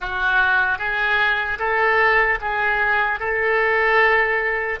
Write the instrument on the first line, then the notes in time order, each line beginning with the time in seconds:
oboe
0.00 F#4
0.78 G#4
1.59 A4
2.40 G#4
3.19 A4